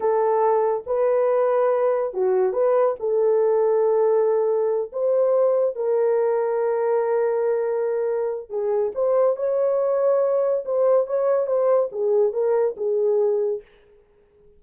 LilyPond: \new Staff \with { instrumentName = "horn" } { \time 4/4 \tempo 4 = 141 a'2 b'2~ | b'4 fis'4 b'4 a'4~ | a'2.~ a'8 c''8~ | c''4. ais'2~ ais'8~ |
ais'1 | gis'4 c''4 cis''2~ | cis''4 c''4 cis''4 c''4 | gis'4 ais'4 gis'2 | }